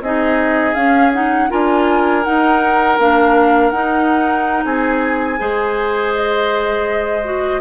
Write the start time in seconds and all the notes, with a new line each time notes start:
0.00 C4 D#4 G#4 D#5
0.74 C#4 F5
1.13 D#4 F#5
1.49 D4 F4 A#4 G#5
2.24 D#4 F#5
2.98 A#3 D4 F5
3.70 D#4 F#5
4.64 C4 G#4 G#5
5.38 G#3 G#4 C5
6.15 D#5
7.24 F#4